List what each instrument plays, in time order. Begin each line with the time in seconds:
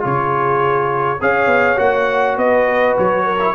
0.00 tuba C#3, trombone F4, horn G#4, trumpet C#5
1.20 tuba C#4, trombone G#4, horn C#5, trumpet F5
1.46 tuba B3
1.76 tuba A#3, trombone F#4, trumpet F#5
2.37 tuba B3, horn B4, trumpet D#5
2.98 tuba F#3, trumpet C#5
3.25 horn A#4
3.39 trombone E4